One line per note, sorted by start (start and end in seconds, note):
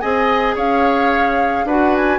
0.00 0.56 C4
0.00 1.67 G#4
0.00 0.55 D#5
0.00 0.55 G#5
0.55 1.64 C#4
0.55 1.65 C#5
0.55 1.68 F5
1.64 2.19 D4
1.64 2.19 F#4
1.64 2.19 B4
1.64 1.95 F#5
1.95 2.19 G#5